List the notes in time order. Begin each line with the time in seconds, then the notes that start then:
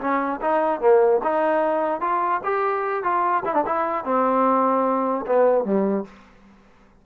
0.00 C#4
0.41 D#4
0.81 A#3
1.23 D#4
2.01 F4
2.44 G4
3.03 F4
3.45 E4
3.54 D4
3.66 E4
4.05 C4
5.26 B3
5.64 G3